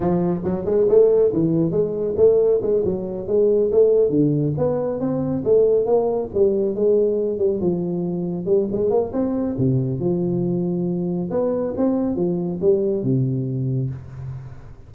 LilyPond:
\new Staff \with { instrumentName = "tuba" } { \time 4/4 \tempo 4 = 138 f4 fis8 gis8 a4 e4 | gis4 a4 gis8 fis4 gis8~ | gis8 a4 d4 b4 c'8~ | c'8 a4 ais4 g4 gis8~ |
gis4 g8 f2 g8 | gis8 ais8 c'4 c4 f4~ | f2 b4 c'4 | f4 g4 c2 | }